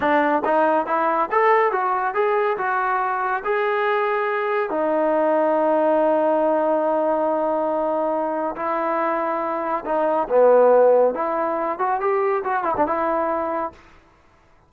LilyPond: \new Staff \with { instrumentName = "trombone" } { \time 4/4 \tempo 4 = 140 d'4 dis'4 e'4 a'4 | fis'4 gis'4 fis'2 | gis'2. dis'4~ | dis'1~ |
dis'1 | e'2. dis'4 | b2 e'4. fis'8 | g'4 fis'8 e'16 d'16 e'2 | }